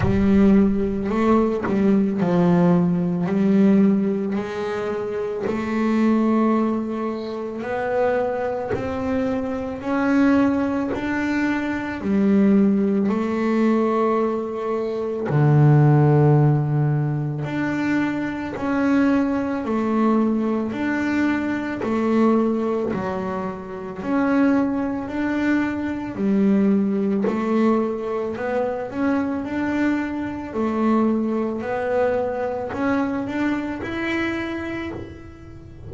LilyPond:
\new Staff \with { instrumentName = "double bass" } { \time 4/4 \tempo 4 = 55 g4 a8 g8 f4 g4 | gis4 a2 b4 | c'4 cis'4 d'4 g4 | a2 d2 |
d'4 cis'4 a4 d'4 | a4 fis4 cis'4 d'4 | g4 a4 b8 cis'8 d'4 | a4 b4 cis'8 d'8 e'4 | }